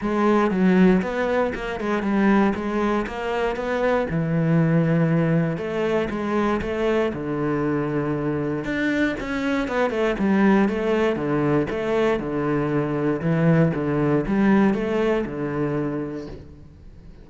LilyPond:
\new Staff \with { instrumentName = "cello" } { \time 4/4 \tempo 4 = 118 gis4 fis4 b4 ais8 gis8 | g4 gis4 ais4 b4 | e2. a4 | gis4 a4 d2~ |
d4 d'4 cis'4 b8 a8 | g4 a4 d4 a4 | d2 e4 d4 | g4 a4 d2 | }